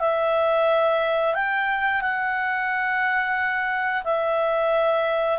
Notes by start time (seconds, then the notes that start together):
0.00 E5
1.34 G5
2.01 F#5
4.04 E5